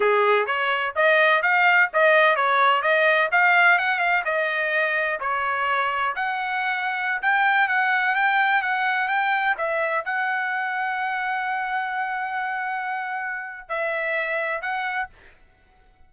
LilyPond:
\new Staff \with { instrumentName = "trumpet" } { \time 4/4 \tempo 4 = 127 gis'4 cis''4 dis''4 f''4 | dis''4 cis''4 dis''4 f''4 | fis''8 f''8 dis''2 cis''4~ | cis''4 fis''2~ fis''16 g''8.~ |
g''16 fis''4 g''4 fis''4 g''8.~ | g''16 e''4 fis''2~ fis''8.~ | fis''1~ | fis''4 e''2 fis''4 | }